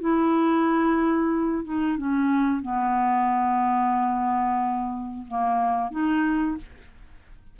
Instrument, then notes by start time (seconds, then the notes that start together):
clarinet
0.00 E4
1.64 D#4
1.97 C#4
2.62 B3
5.27 A#3
5.91 D#4